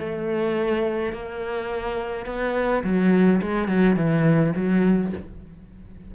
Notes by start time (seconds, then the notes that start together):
0.00 A3
1.13 A#3
2.26 B3
2.84 F#3
3.42 G#3
3.69 F#3
3.96 E3
4.56 F#3